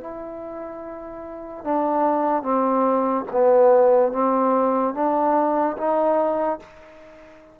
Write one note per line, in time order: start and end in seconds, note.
0.00 1.64 E4
1.64 2.42 D4
2.42 3.24 C4
3.31 4.12 B3
4.12 4.94 C4
4.94 5.76 D4
5.77 6.59 D#4